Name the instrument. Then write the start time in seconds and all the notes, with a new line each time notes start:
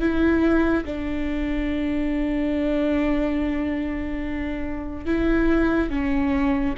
viola
0.00 E4
0.85 D4
5.06 E4
5.90 C#4